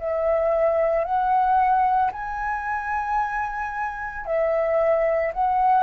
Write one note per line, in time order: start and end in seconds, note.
0.00 1.05 E5
1.05 2.12 F#5
2.12 4.26 G#5
4.26 5.33 E5
5.34 5.83 F#5